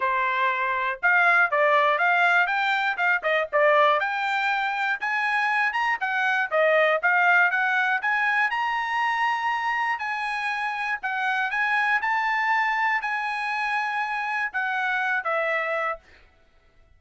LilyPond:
\new Staff \with { instrumentName = "trumpet" } { \time 4/4 \tempo 4 = 120 c''2 f''4 d''4 | f''4 g''4 f''8 dis''8 d''4 | g''2 gis''4. ais''8 | fis''4 dis''4 f''4 fis''4 |
gis''4 ais''2. | gis''2 fis''4 gis''4 | a''2 gis''2~ | gis''4 fis''4. e''4. | }